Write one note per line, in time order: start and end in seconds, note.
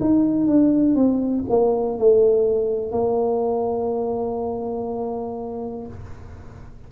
0.00 0.46 D#4
0.46 0.95 D4
0.95 1.44 C4
1.49 1.99 A#3
1.99 2.92 A3
2.92 5.87 A#3